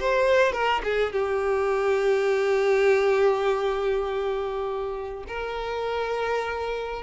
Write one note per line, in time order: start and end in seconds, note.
0.00 0.52 C5
0.52 0.82 A#4
0.84 1.13 G#4
1.13 5.24 G4
5.28 7.03 A#4